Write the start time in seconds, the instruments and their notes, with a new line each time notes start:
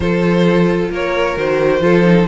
0.00 cello F3, viola F4, violin A4 C5
0.90 cello A#3, violin A#4 C#5
1.36 cello D#3, viola F#4, violin C5
1.80 cello F3, viola F4, violin A4
2.04 viola D#4